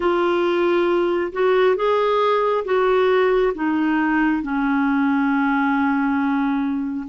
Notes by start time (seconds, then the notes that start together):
0.00 F4
1.32 F#4
1.76 G#4
2.65 F#4
3.54 D#4
4.42 C#4